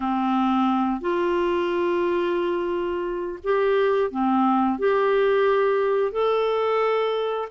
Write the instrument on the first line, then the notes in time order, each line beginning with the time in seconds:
clarinet
0.00 C4
1.00 F4
3.43 G4
4.10 C4
4.78 G4
6.12 A4